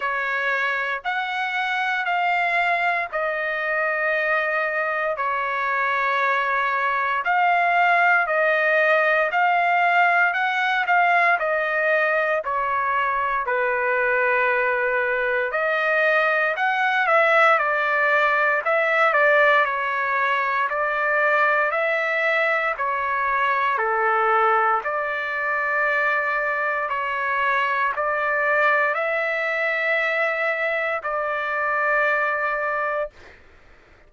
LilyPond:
\new Staff \with { instrumentName = "trumpet" } { \time 4/4 \tempo 4 = 58 cis''4 fis''4 f''4 dis''4~ | dis''4 cis''2 f''4 | dis''4 f''4 fis''8 f''8 dis''4 | cis''4 b'2 dis''4 |
fis''8 e''8 d''4 e''8 d''8 cis''4 | d''4 e''4 cis''4 a'4 | d''2 cis''4 d''4 | e''2 d''2 | }